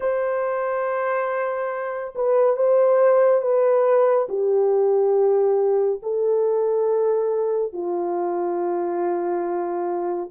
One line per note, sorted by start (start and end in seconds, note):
0.00 2.14 C5
2.15 2.56 B4
2.56 3.41 C5
3.41 4.27 B4
4.29 6.00 G4
6.02 7.72 A4
7.72 10.29 F4